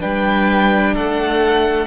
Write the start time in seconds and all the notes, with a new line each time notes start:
0.00 G3 D4 B4 G5
0.94 A3 A4 F#5